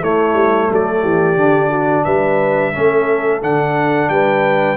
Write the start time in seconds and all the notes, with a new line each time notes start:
0.00 A3 E4 C#5
0.34 G3
0.70 F#3 A4 D5
1.02 E3 G4
1.36 D3 D4
1.69 F#4
2.04 G3 B4 E5
2.73 A3 C#4 A4
3.42 D3 D4 F#5
4.09 G3 B4 G5